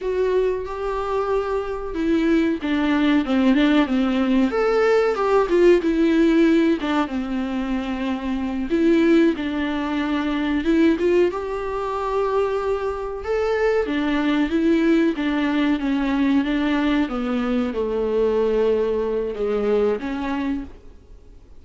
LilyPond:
\new Staff \with { instrumentName = "viola" } { \time 4/4 \tempo 4 = 93 fis'4 g'2 e'4 | d'4 c'8 d'8 c'4 a'4 | g'8 f'8 e'4. d'8 c'4~ | c'4. e'4 d'4.~ |
d'8 e'8 f'8 g'2~ g'8~ | g'8 a'4 d'4 e'4 d'8~ | d'8 cis'4 d'4 b4 a8~ | a2 gis4 cis'4 | }